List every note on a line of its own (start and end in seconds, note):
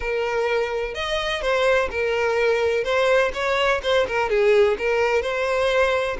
0.00 0.94 A#4
0.94 1.41 D#5
1.41 1.89 C5
1.90 2.84 A#4
2.84 3.31 C5
3.33 3.81 C#5
3.82 4.06 C5
4.07 4.29 A#4
4.29 4.77 G#4
4.78 5.21 A#4
5.21 6.17 C5